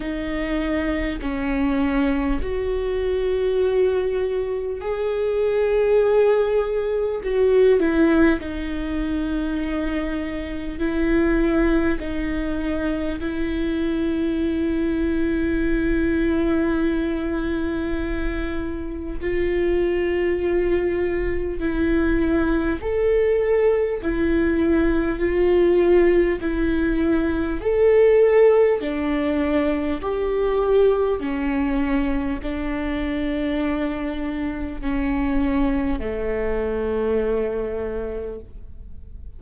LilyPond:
\new Staff \with { instrumentName = "viola" } { \time 4/4 \tempo 4 = 50 dis'4 cis'4 fis'2 | gis'2 fis'8 e'8 dis'4~ | dis'4 e'4 dis'4 e'4~ | e'1 |
f'2 e'4 a'4 | e'4 f'4 e'4 a'4 | d'4 g'4 cis'4 d'4~ | d'4 cis'4 a2 | }